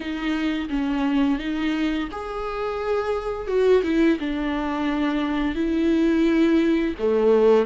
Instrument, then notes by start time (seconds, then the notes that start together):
viola
0.00 D#4
0.69 C#4
1.38 D#4
2.11 G#4
3.47 F#4
3.83 E4
4.19 D4
5.55 E4
6.99 A3